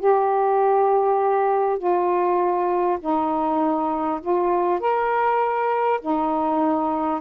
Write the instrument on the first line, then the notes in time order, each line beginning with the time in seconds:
saxophone
0.00 G4
1.79 F4
3.01 D#4
4.22 F4
4.81 A#4
6.02 D#4